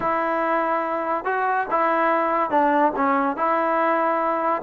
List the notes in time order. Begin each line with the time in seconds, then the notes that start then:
0.00 E4
1.24 F#4
1.70 E4
2.50 D4
2.95 C#4
3.36 E4